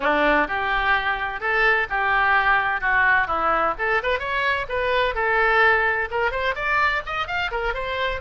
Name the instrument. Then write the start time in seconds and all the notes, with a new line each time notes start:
oboe
0.00 D4
0.47 G4
1.40 A4
1.89 G4
2.80 F#4
3.27 E4
3.78 A4
4.02 B4
4.19 C#5
4.68 B4
5.15 A4
6.11 A#4
6.31 C5
6.55 D5
7.05 D#5
7.27 F5
7.51 A#4
7.73 C5